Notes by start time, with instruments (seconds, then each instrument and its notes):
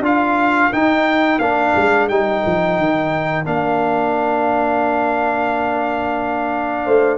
0.00 tuba D4, trombone F4, horn A#4, trumpet F5
0.72 trombone D#4, tuba D#4, trumpet G5
1.38 tuba A#3, trombone D4, trumpet F5
1.76 tuba G#3
2.08 tuba G3, trombone D#4, trumpet G5
2.45 tuba F3
2.78 tuba D#3
3.45 tuba A#3, trombone D4, trumpet F5
6.84 tuba A3, horn C5